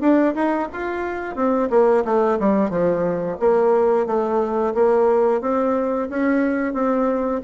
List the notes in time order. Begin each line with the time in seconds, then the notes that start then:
0.00 D4
0.34 D#4
0.72 F4
1.35 C4
1.70 A#3
2.04 A3
2.39 G3
2.69 F3
3.39 A#3
4.06 A3
4.74 A#3
5.41 C4
6.09 C#4
6.73 C4